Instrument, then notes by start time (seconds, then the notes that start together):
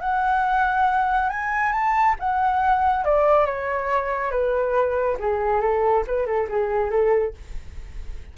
flute
0.00 F#5
1.29 G#5
1.72 A5
2.20 F#5
3.04 D5
3.46 C#5
4.31 B4
5.19 G#4
5.61 A4
6.07 B4
6.26 A4
6.49 G#4
6.90 A4